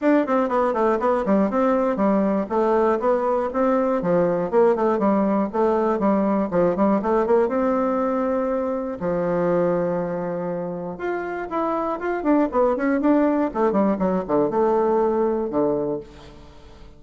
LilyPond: \new Staff \with { instrumentName = "bassoon" } { \time 4/4 \tempo 4 = 120 d'8 c'8 b8 a8 b8 g8 c'4 | g4 a4 b4 c'4 | f4 ais8 a8 g4 a4 | g4 f8 g8 a8 ais8 c'4~ |
c'2 f2~ | f2 f'4 e'4 | f'8 d'8 b8 cis'8 d'4 a8 g8 | fis8 d8 a2 d4 | }